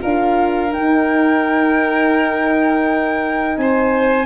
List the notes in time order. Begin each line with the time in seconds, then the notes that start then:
0.00 D4 F4 A#4 F5
0.73 D#4 G5
3.57 C4 C5 G#5